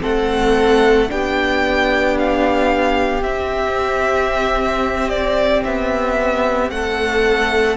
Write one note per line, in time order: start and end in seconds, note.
0.00 1.10 A3
0.00 1.07 C4
0.00 1.09 A4
0.00 1.10 F#5
1.08 3.22 B3
1.08 3.22 D4
1.08 6.74 G4
1.08 2.17 G5
2.18 3.23 F5
3.22 5.63 C4
3.22 7.76 C4
3.22 5.09 E5
5.09 5.62 D5
5.64 6.70 B3
5.64 6.70 E5
6.70 7.76 A3
6.70 7.76 A4
6.70 7.76 F#5